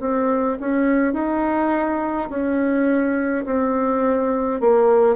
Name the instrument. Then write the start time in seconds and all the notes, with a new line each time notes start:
bassoon
0.00 C4
0.60 C#4
1.14 D#4
2.30 C#4
3.46 C4
4.60 A#3